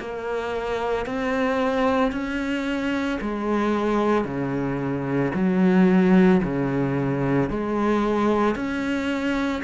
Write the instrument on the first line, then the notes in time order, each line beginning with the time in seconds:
cello
0.00 A#3
1.06 C4
2.12 C#4
3.21 G#3
4.25 C#3
5.34 F#3
6.44 C#3
7.50 G#3
8.56 C#4